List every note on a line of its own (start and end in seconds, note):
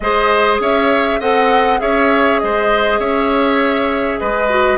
0.00 0.59 G#3
0.00 1.21 G#4
0.00 0.61 C5
0.00 0.58 D#5
0.59 1.20 C#4
0.59 1.20 C#5
0.59 1.21 E5
1.20 1.80 C4
1.20 1.78 A4
1.20 1.79 D#5
1.20 1.79 F#5
1.78 2.41 C#4
1.78 4.48 G#4
1.78 2.41 C#5
1.78 2.39 E5
2.39 2.99 G#3
2.39 2.99 C5
2.39 2.99 D#5
2.99 4.19 C#4
2.99 4.19 C#5
2.99 4.19 E5
4.19 4.77 G#3
4.19 4.77 B4
4.19 4.77 D#5
4.49 4.77 F#4